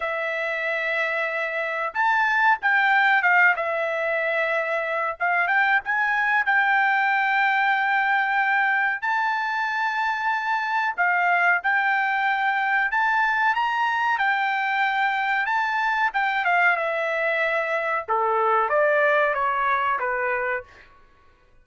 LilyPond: \new Staff \with { instrumentName = "trumpet" } { \time 4/4 \tempo 4 = 93 e''2. a''4 | g''4 f''8 e''2~ e''8 | f''8 g''8 gis''4 g''2~ | g''2 a''2~ |
a''4 f''4 g''2 | a''4 ais''4 g''2 | a''4 g''8 f''8 e''2 | a'4 d''4 cis''4 b'4 | }